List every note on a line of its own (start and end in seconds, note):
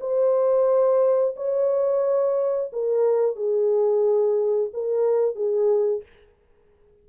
0.00 1.35 C5
1.36 2.71 C#5
2.72 3.36 A#4
3.36 4.70 G#4
4.73 5.35 A#4
5.35 6.02 G#4